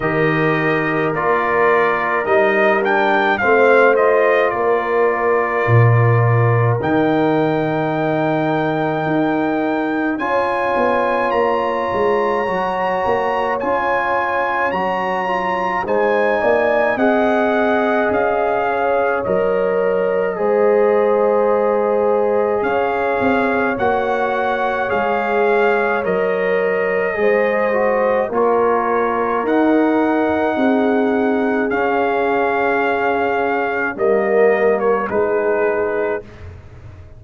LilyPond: <<
  \new Staff \with { instrumentName = "trumpet" } { \time 4/4 \tempo 4 = 53 dis''4 d''4 dis''8 g''8 f''8 dis''8 | d''2 g''2~ | g''4 gis''4 ais''2 | gis''4 ais''4 gis''4 fis''4 |
f''4 dis''2. | f''4 fis''4 f''4 dis''4~ | dis''4 cis''4 fis''2 | f''2 dis''8. cis''16 b'4 | }
  \new Staff \with { instrumentName = "horn" } { \time 4/4 ais'2. c''4 | ais'1~ | ais'4 cis''2.~ | cis''2 c''8 d''8 dis''4~ |
dis''8 cis''4. c''2 | cis''1 | c''4 ais'2 gis'4~ | gis'2 ais'4 gis'4 | }
  \new Staff \with { instrumentName = "trombone" } { \time 4/4 g'4 f'4 dis'8 d'8 c'8 f'8~ | f'2 dis'2~ | dis'4 f'2 fis'4 | f'4 fis'8 f'8 dis'4 gis'4~ |
gis'4 ais'4 gis'2~ | gis'4 fis'4 gis'4 ais'4 | gis'8 fis'8 f'4 dis'2 | cis'2 ais4 dis'4 | }
  \new Staff \with { instrumentName = "tuba" } { \time 4/4 dis4 ais4 g4 a4 | ais4 ais,4 dis2 | dis'4 cis'8 b8 ais8 gis8 fis8 ais8 | cis'4 fis4 gis8 ais8 c'4 |
cis'4 fis4 gis2 | cis'8 c'8 ais4 gis4 fis4 | gis4 ais4 dis'4 c'4 | cis'2 g4 gis4 | }
>>